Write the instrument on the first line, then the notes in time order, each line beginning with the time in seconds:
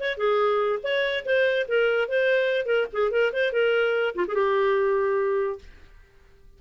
clarinet
0.00 C#5
0.17 G#4
0.83 C#5
1.25 C5
1.68 A#4
2.08 C5
2.66 A#4
2.93 G#4
3.11 A#4
3.33 C5
3.52 A#4
4.15 F4
4.28 G#4
4.35 G4